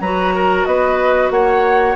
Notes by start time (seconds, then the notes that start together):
0.00 F#3 F#4 B4 A#5
0.35 A#4
0.65 B3 B4 D#5
1.30 A#3 C#5 F#5